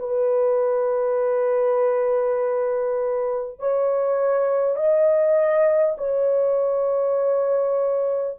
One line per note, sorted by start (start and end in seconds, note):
0.00 3.60 B4
3.60 4.76 C#5
4.76 5.96 D#5
5.98 8.38 C#5